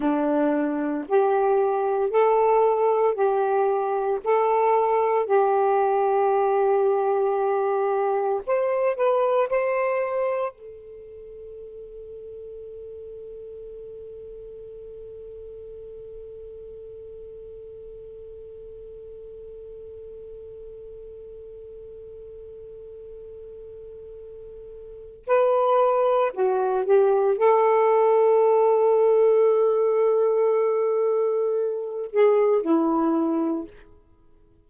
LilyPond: \new Staff \with { instrumentName = "saxophone" } { \time 4/4 \tempo 4 = 57 d'4 g'4 a'4 g'4 | a'4 g'2. | c''8 b'8 c''4 a'2~ | a'1~ |
a'1~ | a'1 | b'4 fis'8 g'8 a'2~ | a'2~ a'8 gis'8 e'4 | }